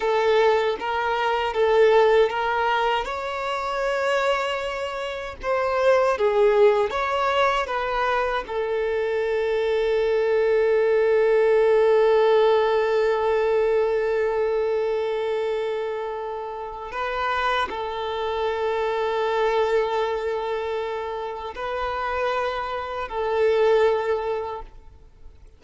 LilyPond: \new Staff \with { instrumentName = "violin" } { \time 4/4 \tempo 4 = 78 a'4 ais'4 a'4 ais'4 | cis''2. c''4 | gis'4 cis''4 b'4 a'4~ | a'1~ |
a'1~ | a'2 b'4 a'4~ | a'1 | b'2 a'2 | }